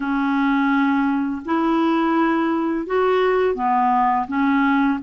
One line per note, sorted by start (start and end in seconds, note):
0.00 1.42 C#4
1.44 2.86 E4
2.86 3.55 F#4
3.55 4.26 B3
4.27 4.98 C#4